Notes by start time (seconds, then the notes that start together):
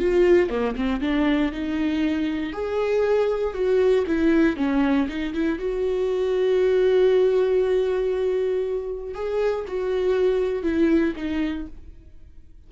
0.00 F4
0.50 A#3
0.76 C4
1.01 D4
1.53 D#4
2.53 G#4
3.55 F#4
4.07 E4
4.57 C#4
5.09 D#4
5.34 E4
5.59 F#4
9.15 G#4
9.68 F#4
10.63 E4
11.17 D#4